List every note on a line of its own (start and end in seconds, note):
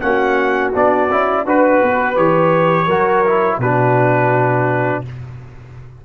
0.00 0.74 A#3
0.00 0.72 C#4
0.00 1.45 F#4
0.00 0.71 F#5
0.73 1.10 B3
0.73 1.09 D4
0.73 1.47 D5
1.10 1.45 C#4
1.10 1.46 E4
1.45 1.81 D4
1.45 2.15 F#4
1.45 2.86 B4
1.45 2.17 B4
1.83 2.16 B3
2.15 2.87 E3
2.15 2.86 G4
2.15 3.60 C#5
2.86 3.58 F#3
2.86 3.25 F#4
2.86 3.58 A#4
3.26 3.61 E4
3.58 5.01 B2
3.58 5.05 D4
3.58 5.04 F#4
3.58 5.03 B4